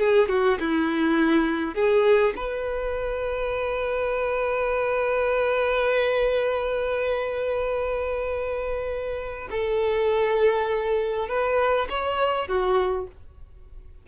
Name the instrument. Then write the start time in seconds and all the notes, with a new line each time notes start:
violin
0.00 G#4
0.29 F#4
0.60 E4
1.75 G#4
2.36 B4
9.51 A4
11.29 B4
11.90 C#5
12.48 F#4